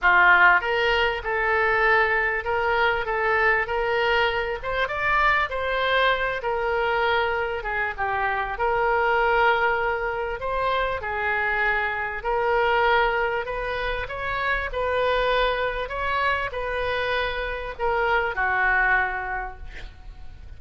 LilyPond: \new Staff \with { instrumentName = "oboe" } { \time 4/4 \tempo 4 = 98 f'4 ais'4 a'2 | ais'4 a'4 ais'4. c''8 | d''4 c''4. ais'4.~ | ais'8 gis'8 g'4 ais'2~ |
ais'4 c''4 gis'2 | ais'2 b'4 cis''4 | b'2 cis''4 b'4~ | b'4 ais'4 fis'2 | }